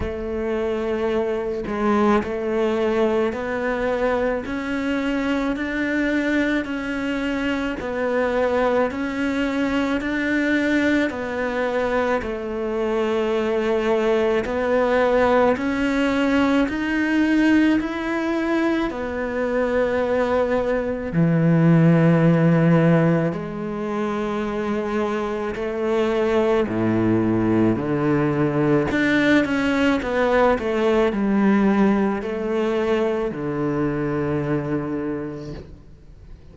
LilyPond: \new Staff \with { instrumentName = "cello" } { \time 4/4 \tempo 4 = 54 a4. gis8 a4 b4 | cis'4 d'4 cis'4 b4 | cis'4 d'4 b4 a4~ | a4 b4 cis'4 dis'4 |
e'4 b2 e4~ | e4 gis2 a4 | a,4 d4 d'8 cis'8 b8 a8 | g4 a4 d2 | }